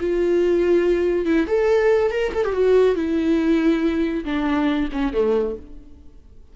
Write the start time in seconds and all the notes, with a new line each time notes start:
0.00 F4
1.25 E4
1.47 A4
2.11 A#4
2.34 A4
2.45 G4
2.53 F#4
2.96 E4
4.25 D4
4.92 C#4
5.13 A3